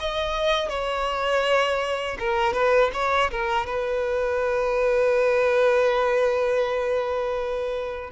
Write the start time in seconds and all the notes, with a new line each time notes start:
0.00 D#5
0.69 C#5
2.19 A#4
2.54 B4
2.94 C#5
3.31 A#4
3.66 B4